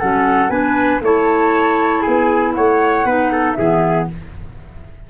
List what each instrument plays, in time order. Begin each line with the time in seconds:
0.00 tuba F#3, clarinet C#4, trumpet A4, flute F#5
0.50 tuba B3, clarinet D4, trumpet B4, flute G#5
1.01 tuba A3, clarinet E4, trumpet C#5, flute A5
2.02 tuba B3, trumpet G#4, flute G#5
2.55 tuba A3, trumpet C#5, flute F#5
3.05 tuba B3, clarinet D#4, trumpet B4
3.33 trumpet A4
3.54 tuba E3, clarinet B3, trumpet G#4, flute E5